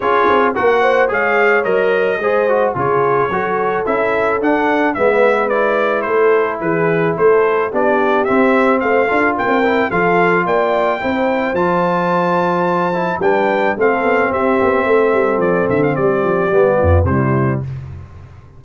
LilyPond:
<<
  \new Staff \with { instrumentName = "trumpet" } { \time 4/4 \tempo 4 = 109 cis''4 fis''4 f''4 dis''4~ | dis''4 cis''2 e''4 | fis''4 e''4 d''4 c''4 | b'4 c''4 d''4 e''4 |
f''4 g''4 f''4 g''4~ | g''4 a''2. | g''4 f''4 e''2 | d''8 e''16 f''16 d''2 c''4 | }
  \new Staff \with { instrumentName = "horn" } { \time 4/4 gis'4 ais'8 c''8 cis''2 | c''4 gis'4 a'2~ | a'4 b'2 a'4 | gis'4 a'4 g'2 |
c''8 a'8 ais'4 a'4 d''4 | c''1 | b'4 a'4 g'4 a'4~ | a'4 g'4. f'8 e'4 | }
  \new Staff \with { instrumentName = "trombone" } { \time 4/4 f'4 fis'4 gis'4 ais'4 | gis'8 fis'8 f'4 fis'4 e'4 | d'4 b4 e'2~ | e'2 d'4 c'4~ |
c'8 f'4 e'8 f'2 | e'4 f'2~ f'8 e'8 | d'4 c'2.~ | c'2 b4 g4 | }
  \new Staff \with { instrumentName = "tuba" } { \time 4/4 cis'8 c'8 ais4 gis4 fis4 | gis4 cis4 fis4 cis'4 | d'4 gis2 a4 | e4 a4 b4 c'4 |
a8 d'8 ais16 c'8. f4 ais4 | c'4 f2. | g4 a8 b8 c'8 b8 a8 g8 | f8 d8 g8 f8 g8 f,8 c4 | }
>>